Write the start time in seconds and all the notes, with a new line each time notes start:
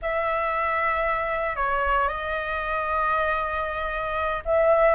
0.02 E5
1.56 C#5
2.08 D#5
4.45 E5